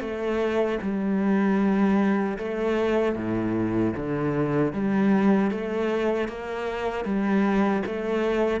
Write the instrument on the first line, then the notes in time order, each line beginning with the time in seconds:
cello
0.00 A3
0.81 G3
2.38 A3
3.15 A2
3.96 D3
4.72 G3
5.50 A3
6.28 A#3
7.04 G3
7.86 A3